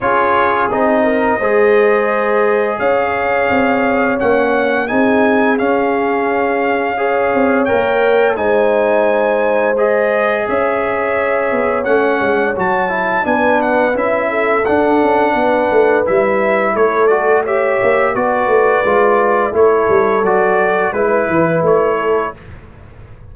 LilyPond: <<
  \new Staff \with { instrumentName = "trumpet" } { \time 4/4 \tempo 4 = 86 cis''4 dis''2. | f''2 fis''4 gis''4 | f''2. g''4 | gis''2 dis''4 e''4~ |
e''4 fis''4 a''4 gis''8 fis''8 | e''4 fis''2 e''4 | cis''8 d''8 e''4 d''2 | cis''4 d''4 b'4 cis''4 | }
  \new Staff \with { instrumentName = "horn" } { \time 4/4 gis'4. ais'8 c''2 | cis''2. gis'4~ | gis'2 cis''2 | c''2. cis''4~ |
cis''2. b'4~ | b'8 a'4. b'2 | a'4 cis''4 b'2 | a'2 b'4. a'8 | }
  \new Staff \with { instrumentName = "trombone" } { \time 4/4 f'4 dis'4 gis'2~ | gis'2 cis'4 dis'4 | cis'2 gis'4 ais'4 | dis'2 gis'2~ |
gis'4 cis'4 fis'8 e'8 d'4 | e'4 d'2 e'4~ | e'8 fis'8 g'4 fis'4 f'4 | e'4 fis'4 e'2 | }
  \new Staff \with { instrumentName = "tuba" } { \time 4/4 cis'4 c'4 gis2 | cis'4 c'4 ais4 c'4 | cis'2~ cis'8 c'8 ais4 | gis2. cis'4~ |
cis'8 b8 a8 gis8 fis4 b4 | cis'4 d'8 cis'8 b8 a8 g4 | a4. ais8 b8 a8 gis4 | a8 g8 fis4 gis8 e8 a4 | }
>>